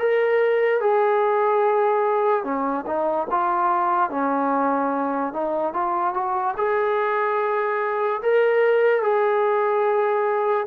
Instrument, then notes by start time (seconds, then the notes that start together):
trombone
0.00 A#4
0.81 G#4
2.44 C#4
2.87 D#4
3.31 F4
4.11 C#4
5.33 D#4
5.74 F4
6.14 F#4
6.58 G#4
8.23 A#4
9.03 G#4